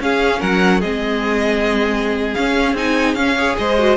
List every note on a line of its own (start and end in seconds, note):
0.00 0.41 C#4
0.00 0.82 C#4
0.00 0.40 G#4
0.00 0.42 F5
0.40 0.82 F#3
0.40 0.80 A#4
0.40 0.81 F#5
0.80 2.36 G#3
0.80 2.36 C4
0.80 3.35 G#4
0.80 2.34 D#5
2.34 2.76 C#4
2.34 2.74 C#4
2.34 2.75 F5
2.74 3.15 C4
2.74 3.17 D#4
2.74 3.15 G#5
3.15 3.56 C#4
3.15 3.37 C#4
3.15 3.56 F5
3.36 3.78 G#4
3.36 3.56 C#5
3.58 3.98 G#3
3.58 3.98 C5
3.58 3.98 D#5
3.78 3.98 F#4